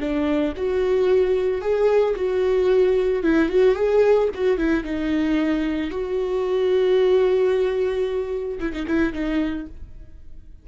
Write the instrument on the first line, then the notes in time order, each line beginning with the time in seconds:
viola
0.00 D4
0.56 F#4
1.61 G#4
2.16 F#4
3.23 E4
3.49 F#4
3.75 G#4
4.34 F#4
4.57 E4
4.84 D#4
5.91 F#4
8.60 E4
8.73 D#4
8.87 E4
9.13 D#4